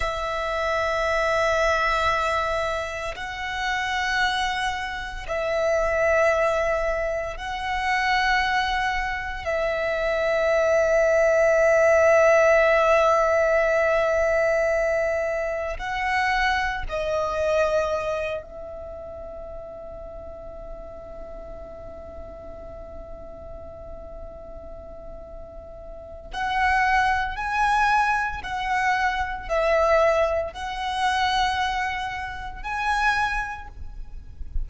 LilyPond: \new Staff \with { instrumentName = "violin" } { \time 4/4 \tempo 4 = 57 e''2. fis''4~ | fis''4 e''2 fis''4~ | fis''4 e''2.~ | e''2. fis''4 |
dis''4. e''2~ e''8~ | e''1~ | e''4 fis''4 gis''4 fis''4 | e''4 fis''2 gis''4 | }